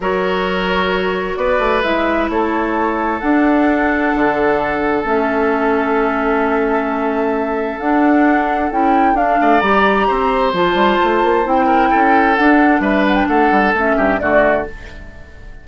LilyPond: <<
  \new Staff \with { instrumentName = "flute" } { \time 4/4 \tempo 4 = 131 cis''2. d''4 | e''4 cis''2 fis''4~ | fis''2. e''4~ | e''1~ |
e''4 fis''2 g''4 | f''4 ais''2 a''4~ | a''4 g''2 fis''4 | e''8 fis''16 g''16 fis''4 e''4 d''4 | }
  \new Staff \with { instrumentName = "oboe" } { \time 4/4 ais'2. b'4~ | b'4 a'2.~ | a'1~ | a'1~ |
a'1~ | a'8 d''4. c''2~ | c''4. ais'8 a'2 | b'4 a'4. g'8 fis'4 | }
  \new Staff \with { instrumentName = "clarinet" } { \time 4/4 fis'1 | e'2. d'4~ | d'2. cis'4~ | cis'1~ |
cis'4 d'2 e'4 | d'4 g'2 f'4~ | f'4 e'2 d'4~ | d'2 cis'4 a4 | }
  \new Staff \with { instrumentName = "bassoon" } { \time 4/4 fis2. b8 a8 | gis4 a2 d'4~ | d'4 d2 a4~ | a1~ |
a4 d'2 cis'4 | d'8 a8 g4 c'4 f8 g8 | a8 ais8 c'4 cis'4 d'4 | g4 a8 g8 a8 g,8 d4 | }
>>